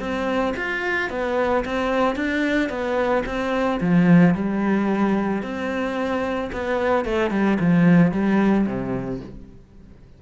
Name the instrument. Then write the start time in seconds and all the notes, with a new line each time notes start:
cello
0.00 C4
0.57 F4
1.11 B3
1.66 C4
2.16 D4
2.70 B3
3.26 C4
3.81 F3
4.35 G3
5.43 C4
6.53 B3
7.05 A3
7.31 G3
7.60 F3
8.12 G3
8.67 C3